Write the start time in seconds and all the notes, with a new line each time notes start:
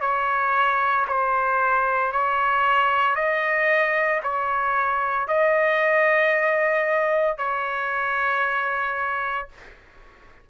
0.00 C#5
1.07 C5
2.12 C#5
3.15 D#5
4.22 C#5
5.27 D#5
7.37 C#5